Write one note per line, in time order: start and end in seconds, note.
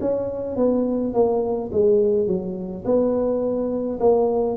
0.00 0.56 C#4
0.56 1.13 B3
1.13 1.70 A#3
1.72 2.27 G#3
2.27 2.84 F#3
2.84 3.99 B3
3.99 4.56 A#3